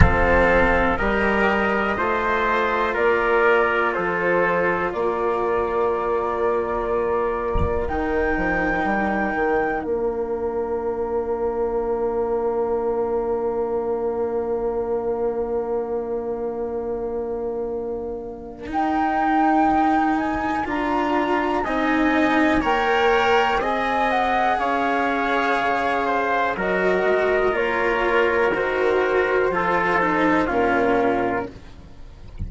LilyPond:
<<
  \new Staff \with { instrumentName = "flute" } { \time 4/4 \tempo 4 = 61 f''4 dis''2 d''4 | c''4 d''2. | g''2 f''2~ | f''1~ |
f''2. g''4~ | g''8 gis''8 ais''4 gis''4 g''4 | gis''8 fis''8 f''2 dis''4 | cis''4 c''2 ais'4 | }
  \new Staff \with { instrumentName = "trumpet" } { \time 4/4 a'4 ais'4 c''4 ais'4 | a'4 ais'2.~ | ais'1~ | ais'1~ |
ais'1~ | ais'2 dis''4 cis''4 | dis''4 cis''4. c''8 ais'4~ | ais'2 a'4 f'4 | }
  \new Staff \with { instrumentName = "cello" } { \time 4/4 c'4 g'4 f'2~ | f'1 | dis'2 d'2~ | d'1~ |
d'2. dis'4~ | dis'4 f'4 dis'4 ais'4 | gis'2. fis'4 | f'4 fis'4 f'8 dis'8 cis'4 | }
  \new Staff \with { instrumentName = "bassoon" } { \time 4/4 f4 g4 a4 ais4 | f4 ais2. | dis8 f8 g8 dis8 ais2~ | ais1~ |
ais2. dis'4~ | dis'4 d'4 c'4 ais4 | c'4 cis'4 cis4 fis8 gis8 | ais4 dis4 f4 ais,4 | }
>>